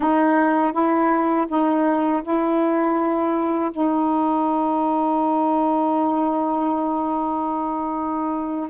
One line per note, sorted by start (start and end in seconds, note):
0.00 0.72 D#4
0.72 1.46 E4
1.48 2.22 D#4
2.23 3.71 E4
3.71 8.70 D#4